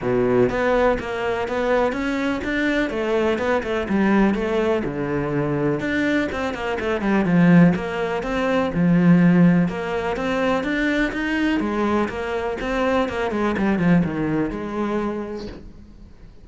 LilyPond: \new Staff \with { instrumentName = "cello" } { \time 4/4 \tempo 4 = 124 b,4 b4 ais4 b4 | cis'4 d'4 a4 b8 a8 | g4 a4 d2 | d'4 c'8 ais8 a8 g8 f4 |
ais4 c'4 f2 | ais4 c'4 d'4 dis'4 | gis4 ais4 c'4 ais8 gis8 | g8 f8 dis4 gis2 | }